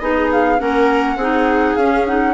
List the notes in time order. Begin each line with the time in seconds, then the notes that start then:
0.00 B3 D#4 G#4 D#5
0.32 F5
0.59 A#3 C#4 A#4 F#5
1.16 C4 D#4 G#4
1.76 C#4 F5
2.07 D#4 F#5